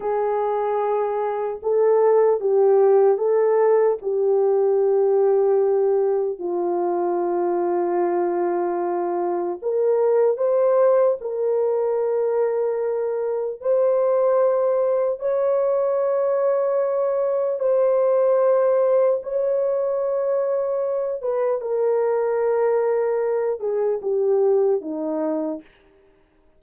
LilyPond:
\new Staff \with { instrumentName = "horn" } { \time 4/4 \tempo 4 = 75 gis'2 a'4 g'4 | a'4 g'2. | f'1 | ais'4 c''4 ais'2~ |
ais'4 c''2 cis''4~ | cis''2 c''2 | cis''2~ cis''8 b'8 ais'4~ | ais'4. gis'8 g'4 dis'4 | }